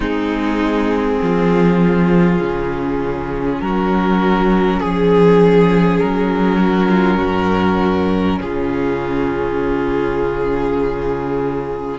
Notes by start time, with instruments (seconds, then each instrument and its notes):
0.00 cello G#3, viola C4, violin D#4 G#4
1.22 cello F3, violin F4
2.40 cello C#3, viola C#4
3.61 cello F#3, violin F#4 A#4
4.80 cello F3, violin G#4
5.99 cello F#3, violin A#4
6.58 violin F#4
6.88 violin F4
7.17 cello F#2, violin F#4
8.39 cello C#3, violin F4 G#4